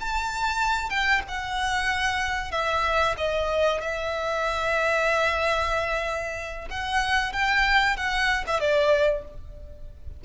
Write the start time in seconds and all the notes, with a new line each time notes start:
0.00 A5
0.89 G5
1.28 F#5
2.51 E5
3.17 D#5
3.81 E5
6.70 F#5
7.32 G5
7.96 F#5
8.47 E5
8.60 D5